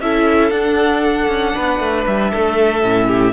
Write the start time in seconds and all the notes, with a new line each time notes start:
0.00 C#4 E4 A4 E5
0.50 D4 F#5
1.28 C#4
1.55 B3 B4
1.80 A3
2.07 G3 E5
2.31 A3 A4
2.82 A2 C#4
3.07 G4